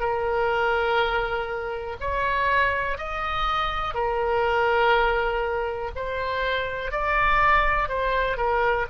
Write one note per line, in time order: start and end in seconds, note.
0.00 1.97 A#4
2.00 2.98 C#5
2.98 3.94 D#5
3.94 5.91 A#4
5.96 6.92 C5
6.92 7.89 D5
7.89 8.37 C5
8.37 8.86 A#4